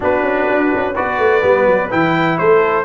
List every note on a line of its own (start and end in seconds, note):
0.00 0.22 B3
0.00 0.94 D4
0.00 0.95 F#4
0.00 0.95 B4
0.22 0.46 C#4
0.50 0.74 D4
0.74 0.98 C#4
0.95 1.18 B3
0.95 1.41 F#4
0.95 2.37 B4
0.95 1.91 D5
1.18 1.42 A3
1.41 1.66 G3
1.41 1.89 B3
1.66 1.90 F#3
1.90 2.38 E3
1.90 2.85 E4
1.90 2.38 G5
2.38 2.85 A3
2.38 2.85 A4
2.38 2.85 C5